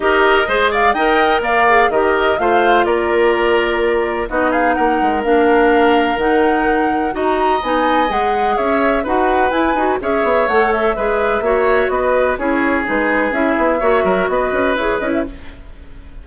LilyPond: <<
  \new Staff \with { instrumentName = "flute" } { \time 4/4 \tempo 4 = 126 dis''4. f''8 g''4 f''4 | dis''4 f''4 d''2~ | d''4 dis''8 f''8 fis''4 f''4~ | f''4 fis''2 ais''4 |
gis''4 fis''4 e''4 fis''4 | gis''4 e''4 fis''8 e''4.~ | e''4 dis''4 cis''4 b'4 | e''2 dis''4 cis''8 dis''16 e''16 | }
  \new Staff \with { instrumentName = "oboe" } { \time 4/4 ais'4 c''8 d''8 dis''4 d''4 | ais'4 c''4 ais'2~ | ais'4 fis'8 gis'8 ais'2~ | ais'2. dis''4~ |
dis''2 cis''4 b'4~ | b'4 cis''2 b'4 | cis''4 b'4 gis'2~ | gis'4 cis''8 ais'8 b'2 | }
  \new Staff \with { instrumentName = "clarinet" } { \time 4/4 g'4 gis'4 ais'4. gis'8 | g'4 f'2.~ | f'4 dis'2 d'4~ | d'4 dis'2 fis'4 |
dis'4 gis'2 fis'4 | e'8 fis'8 gis'4 a'4 gis'4 | fis'2 e'4 dis'4 | e'4 fis'2 gis'8 e'8 | }
  \new Staff \with { instrumentName = "bassoon" } { \time 4/4 dis'4 gis4 dis'4 ais4 | dis4 a4 ais2~ | ais4 b4 ais8 gis8 ais4~ | ais4 dis2 dis'4 |
b4 gis4 cis'4 dis'4 | e'8 dis'8 cis'8 b8 a4 gis4 | ais4 b4 cis'4 gis4 | cis'8 b8 ais8 fis8 b8 cis'8 e'8 cis'8 | }
>>